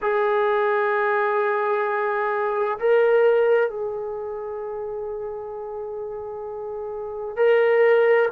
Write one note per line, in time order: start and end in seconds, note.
0.01 2.78 G#4
2.79 3.69 A#4
3.69 7.36 G#4
7.36 8.28 A#4